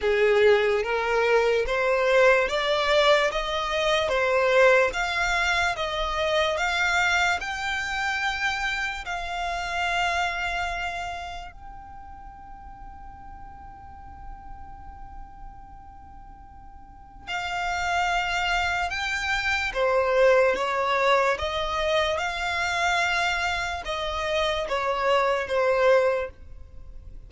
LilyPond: \new Staff \with { instrumentName = "violin" } { \time 4/4 \tempo 4 = 73 gis'4 ais'4 c''4 d''4 | dis''4 c''4 f''4 dis''4 | f''4 g''2 f''4~ | f''2 g''2~ |
g''1~ | g''4 f''2 g''4 | c''4 cis''4 dis''4 f''4~ | f''4 dis''4 cis''4 c''4 | }